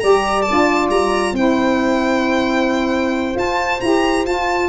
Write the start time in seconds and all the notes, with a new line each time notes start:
0.00 G3 G4 D5 A#5
0.42 F4 A5
0.50 D4
0.90 G3 A#5
1.33 C4 E4 C5 G5
3.35 F4 A5
3.81 E4 G4 A#5
4.26 F4 A5